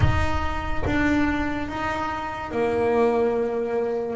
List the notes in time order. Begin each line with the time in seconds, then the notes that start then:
0.00 D#4
0.86 D4
1.68 D#4
2.51 A#3